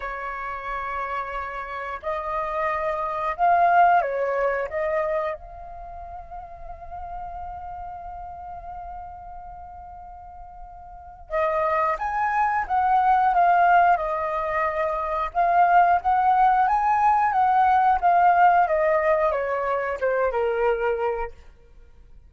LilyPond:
\new Staff \with { instrumentName = "flute" } { \time 4/4 \tempo 4 = 90 cis''2. dis''4~ | dis''4 f''4 cis''4 dis''4 | f''1~ | f''1~ |
f''4 dis''4 gis''4 fis''4 | f''4 dis''2 f''4 | fis''4 gis''4 fis''4 f''4 | dis''4 cis''4 c''8 ais'4. | }